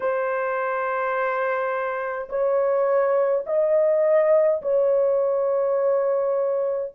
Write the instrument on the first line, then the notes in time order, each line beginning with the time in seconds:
horn
0.00 C5
2.29 C#5
3.46 D#5
4.62 C#5